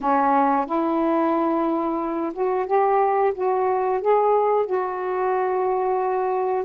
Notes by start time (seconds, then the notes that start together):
0.00 C#4
0.66 E4
2.33 F#4
2.66 G4
3.34 F#4
4.01 G#4
4.65 F#4